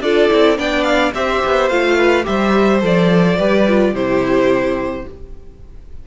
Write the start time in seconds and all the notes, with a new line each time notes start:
0.00 D4 F4 A4 D5
0.29 C4 E4
0.56 B3 D4 D5 G5
0.83 F5
1.14 C4 G4 C5 E5
1.45 B3
1.69 A3 F4 F5
1.96 B4
2.23 G3 G4 C5 E5
2.80 F3 A4 D5
3.38 G3 G4 B4
3.68 F4
3.92 C3 E4 G4 C5